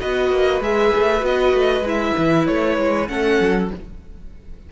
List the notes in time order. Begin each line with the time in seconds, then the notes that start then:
0.00 B3 F#4 B4 D#5
0.31 A#3
0.60 G#3 G#4 E5
0.95 A3
1.19 B3 F#4 D#5
1.53 A3
1.81 G#3 E4
1.88 E5
2.18 E3
2.47 A3 C#5
2.78 G#3
3.07 A3 C#4 A4 F#5
3.40 F#3